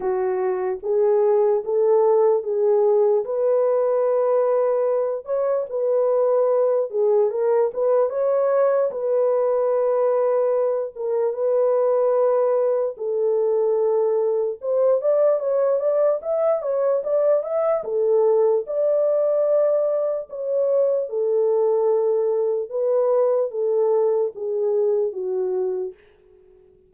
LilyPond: \new Staff \with { instrumentName = "horn" } { \time 4/4 \tempo 4 = 74 fis'4 gis'4 a'4 gis'4 | b'2~ b'8 cis''8 b'4~ | b'8 gis'8 ais'8 b'8 cis''4 b'4~ | b'4. ais'8 b'2 |
a'2 c''8 d''8 cis''8 d''8 | e''8 cis''8 d''8 e''8 a'4 d''4~ | d''4 cis''4 a'2 | b'4 a'4 gis'4 fis'4 | }